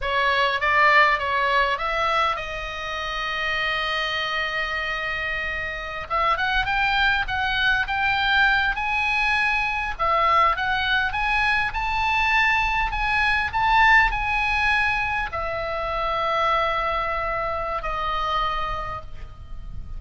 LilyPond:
\new Staff \with { instrumentName = "oboe" } { \time 4/4 \tempo 4 = 101 cis''4 d''4 cis''4 e''4 | dis''1~ | dis''2~ dis''16 e''8 fis''8 g''8.~ | g''16 fis''4 g''4. gis''4~ gis''16~ |
gis''8. e''4 fis''4 gis''4 a''16~ | a''4.~ a''16 gis''4 a''4 gis''16~ | gis''4.~ gis''16 e''2~ e''16~ | e''2 dis''2 | }